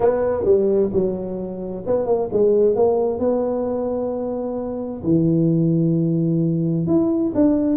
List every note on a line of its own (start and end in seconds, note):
0.00 0.44 B3
0.44 0.90 G3
0.92 1.84 F#3
1.86 2.05 B3
2.05 2.28 A#3
2.32 2.75 G#3
2.75 3.19 A#3
3.19 5.02 B3
5.03 6.86 E3
6.86 7.32 E4
7.34 7.76 D4